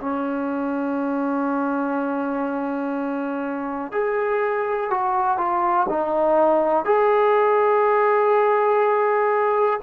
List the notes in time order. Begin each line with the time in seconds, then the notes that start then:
0.00 C#4
3.92 G#4
4.90 F#4
5.37 F4
5.89 D#4
6.85 G#4